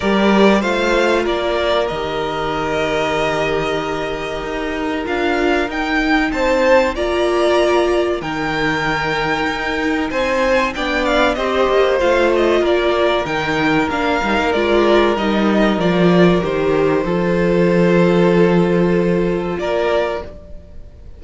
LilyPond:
<<
  \new Staff \with { instrumentName = "violin" } { \time 4/4 \tempo 4 = 95 d''4 f''4 d''4 dis''4~ | dis''1 | f''4 g''4 a''4 ais''4~ | ais''4 g''2. |
gis''4 g''8 f''8 dis''4 f''8 dis''8 | d''4 g''4 f''4 d''4 | dis''4 d''4 c''2~ | c''2. d''4 | }
  \new Staff \with { instrumentName = "violin" } { \time 4/4 ais'4 c''4 ais'2~ | ais'1~ | ais'2 c''4 d''4~ | d''4 ais'2. |
c''4 d''4 c''2 | ais'1~ | ais'2. a'4~ | a'2. ais'4 | }
  \new Staff \with { instrumentName = "viola" } { \time 4/4 g'4 f'2 g'4~ | g'1 | f'4 dis'2 f'4~ | f'4 dis'2.~ |
dis'4 d'4 g'4 f'4~ | f'4 dis'4 d'8 dis'8 f'4 | dis'4 f'4 g'4 f'4~ | f'1 | }
  \new Staff \with { instrumentName = "cello" } { \time 4/4 g4 a4 ais4 dis4~ | dis2. dis'4 | d'4 dis'4 c'4 ais4~ | ais4 dis2 dis'4 |
c'4 b4 c'8 ais8 a4 | ais4 dis4 ais8 g16 ais16 gis4 | g4 f4 dis4 f4~ | f2. ais4 | }
>>